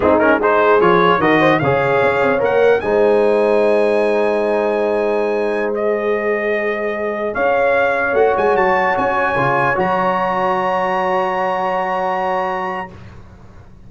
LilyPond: <<
  \new Staff \with { instrumentName = "trumpet" } { \time 4/4 \tempo 4 = 149 gis'8 ais'8 c''4 cis''4 dis''4 | f''2 fis''4 gis''4~ | gis''1~ | gis''2~ gis''16 dis''4.~ dis''16~ |
dis''2~ dis''16 f''4.~ f''16~ | f''16 fis''8 gis''8 a''4 gis''4.~ gis''16~ | gis''16 ais''2.~ ais''8.~ | ais''1 | }
  \new Staff \with { instrumentName = "horn" } { \time 4/4 dis'4 gis'2 ais'8 c''8 | cis''2. c''4~ | c''1~ | c''1~ |
c''2~ c''16 cis''4.~ cis''16~ | cis''1~ | cis''1~ | cis''1 | }
  \new Staff \with { instrumentName = "trombone" } { \time 4/4 c'8 cis'8 dis'4 f'4 fis'4 | gis'2 ais'4 dis'4~ | dis'1~ | dis'2~ dis'16 gis'4.~ gis'16~ |
gis'1~ | gis'16 fis'2. f'8.~ | f'16 fis'2.~ fis'8.~ | fis'1 | }
  \new Staff \with { instrumentName = "tuba" } { \time 4/4 gis2 f4 dis4 | cis4 cis'8 c'8 ais4 gis4~ | gis1~ | gis1~ |
gis2~ gis16 cis'4.~ cis'16~ | cis'16 a8 gis8 fis4 cis'4 cis8.~ | cis16 fis2.~ fis8.~ | fis1 | }
>>